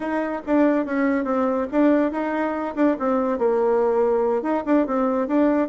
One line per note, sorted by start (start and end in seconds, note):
0.00 0.41 D#4
0.46 0.85 D4
0.85 1.24 C#4
1.24 1.66 C4
1.71 2.11 D4
2.11 2.75 D#4
2.75 2.96 D4
2.99 3.38 C4
3.38 4.42 A#3
4.42 4.63 D#4
4.65 4.86 D4
4.86 5.27 C4
5.27 5.68 D4